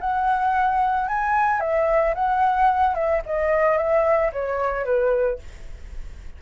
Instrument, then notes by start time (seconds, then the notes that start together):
flute
0.00 F#5
1.08 G#5
1.60 E5
2.14 F#5
2.94 E5
3.26 D#5
3.77 E5
4.32 C#5
4.85 B4